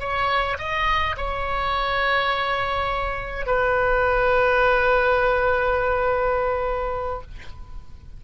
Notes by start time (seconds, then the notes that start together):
0.00 C#5
0.58 D#5
1.17 C#5
3.47 B4